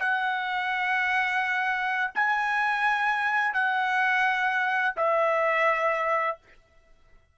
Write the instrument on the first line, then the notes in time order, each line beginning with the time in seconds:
trumpet
0.00 F#5
2.15 G#5
3.54 F#5
4.97 E5